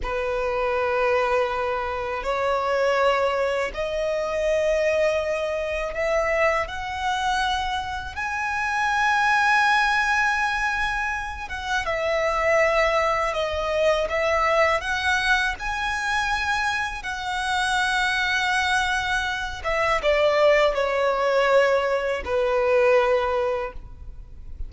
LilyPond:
\new Staff \with { instrumentName = "violin" } { \time 4/4 \tempo 4 = 81 b'2. cis''4~ | cis''4 dis''2. | e''4 fis''2 gis''4~ | gis''2.~ gis''8 fis''8 |
e''2 dis''4 e''4 | fis''4 gis''2 fis''4~ | fis''2~ fis''8 e''8 d''4 | cis''2 b'2 | }